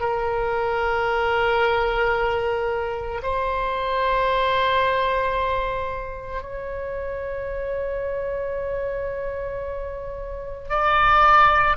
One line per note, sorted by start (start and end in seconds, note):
0.00 3.21 A#4
3.23 6.42 C5
6.42 10.69 C#5
10.69 11.77 D5